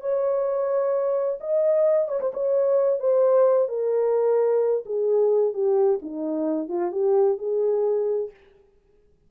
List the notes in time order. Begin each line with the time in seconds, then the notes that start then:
0.00 C#5
1.40 D#5
2.08 C#5
2.20 C5
2.33 C#5
2.99 C5
3.68 A#4
4.85 G#4
5.53 G4
6.01 D#4
6.68 F4
6.91 G4
7.38 G#4